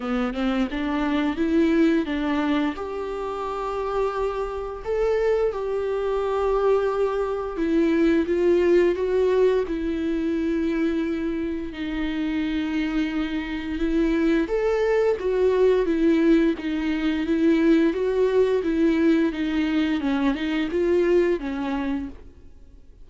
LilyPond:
\new Staff \with { instrumentName = "viola" } { \time 4/4 \tempo 4 = 87 b8 c'8 d'4 e'4 d'4 | g'2. a'4 | g'2. e'4 | f'4 fis'4 e'2~ |
e'4 dis'2. | e'4 a'4 fis'4 e'4 | dis'4 e'4 fis'4 e'4 | dis'4 cis'8 dis'8 f'4 cis'4 | }